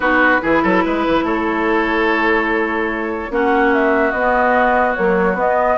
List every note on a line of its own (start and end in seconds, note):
0.00 0.38 B3
0.00 0.41 D#4
0.00 0.41 F#4
0.00 1.21 B4
0.41 0.63 E3
0.41 3.30 E4
0.41 0.62 G#4
0.62 0.84 F#3
0.62 0.83 A4
0.85 1.06 G#3
0.85 1.24 B4
1.07 1.22 E3
1.22 3.29 A3
1.22 3.31 A4
1.22 3.32 C#5
3.30 4.12 A#3
3.30 4.13 C#4
3.30 5.77 F#4
3.30 3.74 F#5
3.74 4.10 E5
4.10 4.95 B3
4.10 4.98 B3
4.10 4.93 D#5
4.94 5.37 F#3
4.94 5.33 A#3
4.94 5.36 C#5
5.33 5.74 B3
5.33 5.77 B3
5.33 5.77 D#5